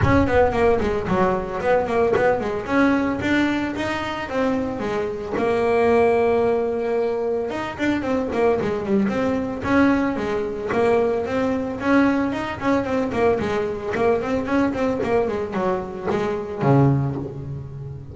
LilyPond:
\new Staff \with { instrumentName = "double bass" } { \time 4/4 \tempo 4 = 112 cis'8 b8 ais8 gis8 fis4 b8 ais8 | b8 gis8 cis'4 d'4 dis'4 | c'4 gis4 ais2~ | ais2 dis'8 d'8 c'8 ais8 |
gis8 g8 c'4 cis'4 gis4 | ais4 c'4 cis'4 dis'8 cis'8 | c'8 ais8 gis4 ais8 c'8 cis'8 c'8 | ais8 gis8 fis4 gis4 cis4 | }